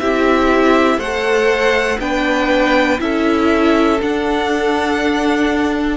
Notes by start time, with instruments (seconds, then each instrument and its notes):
0.00 cello C4, viola E4, violin G4 E5
0.98 cello A3, viola A4, violin C5 F#5
1.99 cello B3, viola D4, violin B4 G5
2.99 cello C#4, viola E4, violin A4 E5
4.01 viola D4, cello D4, violin F#5